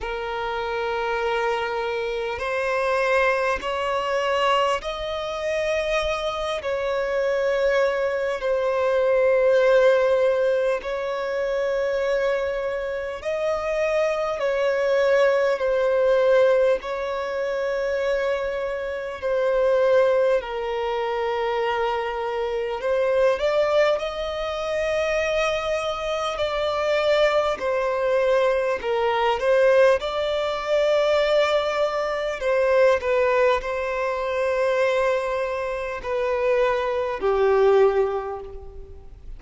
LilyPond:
\new Staff \with { instrumentName = "violin" } { \time 4/4 \tempo 4 = 50 ais'2 c''4 cis''4 | dis''4. cis''4. c''4~ | c''4 cis''2 dis''4 | cis''4 c''4 cis''2 |
c''4 ais'2 c''8 d''8 | dis''2 d''4 c''4 | ais'8 c''8 d''2 c''8 b'8 | c''2 b'4 g'4 | }